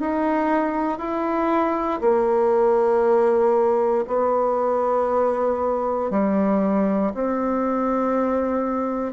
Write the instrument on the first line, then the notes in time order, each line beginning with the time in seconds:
bassoon
0.00 D#4
0.98 E4
2.01 A#3
4.07 B3
6.11 G3
7.14 C4